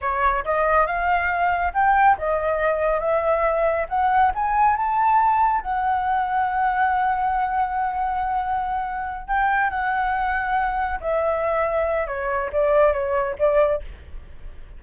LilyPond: \new Staff \with { instrumentName = "flute" } { \time 4/4 \tempo 4 = 139 cis''4 dis''4 f''2 | g''4 dis''2 e''4~ | e''4 fis''4 gis''4 a''4~ | a''4 fis''2.~ |
fis''1~ | fis''4. g''4 fis''4.~ | fis''4. e''2~ e''8 | cis''4 d''4 cis''4 d''4 | }